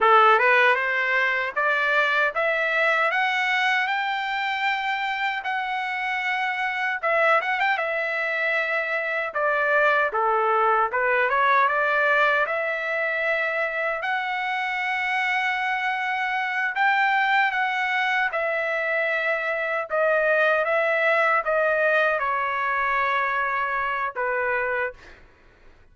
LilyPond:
\new Staff \with { instrumentName = "trumpet" } { \time 4/4 \tempo 4 = 77 a'8 b'8 c''4 d''4 e''4 | fis''4 g''2 fis''4~ | fis''4 e''8 fis''16 g''16 e''2 | d''4 a'4 b'8 cis''8 d''4 |
e''2 fis''2~ | fis''4. g''4 fis''4 e''8~ | e''4. dis''4 e''4 dis''8~ | dis''8 cis''2~ cis''8 b'4 | }